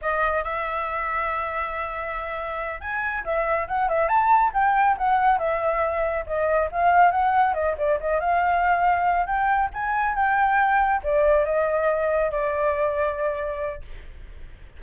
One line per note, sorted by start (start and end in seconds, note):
0.01 0.43 D#5
0.43 2.81 E5
2.81 3.24 G#5
3.24 3.67 E5
3.67 3.88 F#5
3.88 4.08 E5
4.08 4.51 A5
4.53 4.96 G5
4.97 5.38 F#5
5.38 6.24 E5
6.26 6.69 D#5
6.71 7.11 F5
7.11 7.54 F#5
7.54 7.75 D#5
7.77 7.99 D5
8.00 8.20 D#5
8.20 9.26 F5
9.26 9.69 G5
9.73 10.15 G#5
10.15 11.01 G5
11.03 11.45 D5
11.45 12.31 D#5
12.31 13.82 D5